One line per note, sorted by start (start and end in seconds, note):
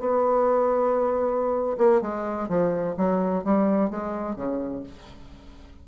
0.00 1.77 B3
1.78 2.01 A#3
2.01 2.49 G#3
2.49 2.96 F3
2.97 3.44 F#3
3.44 3.90 G3
3.90 4.36 G#3
4.36 4.83 C#3